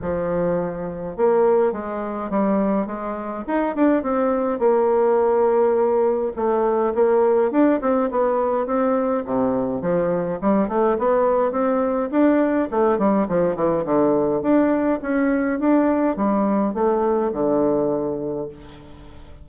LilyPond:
\new Staff \with { instrumentName = "bassoon" } { \time 4/4 \tempo 4 = 104 f2 ais4 gis4 | g4 gis4 dis'8 d'8 c'4 | ais2. a4 | ais4 d'8 c'8 b4 c'4 |
c4 f4 g8 a8 b4 | c'4 d'4 a8 g8 f8 e8 | d4 d'4 cis'4 d'4 | g4 a4 d2 | }